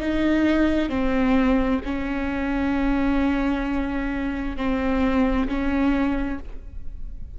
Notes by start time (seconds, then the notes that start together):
0.00 D#4
0.90 C4
1.85 C#4
4.57 C4
5.48 C#4